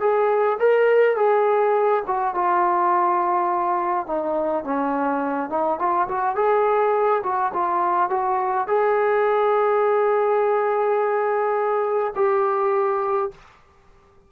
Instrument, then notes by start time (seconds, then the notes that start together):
trombone
0.00 G#4
0.59 A#4
1.16 G#4
2.07 F#4
2.34 F4
4.06 D#4
4.64 C#4
5.50 D#4
5.79 F4
6.08 F#4
6.35 G#4
7.23 F#4
7.53 F4
8.10 F#4
8.67 G#4
12.15 G4